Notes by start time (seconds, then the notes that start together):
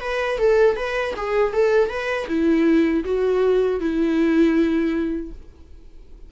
0.00 B4
0.38 A4
0.76 B4
1.16 G#4
1.53 A4
1.89 B4
2.28 E4
3.04 F#4
3.80 E4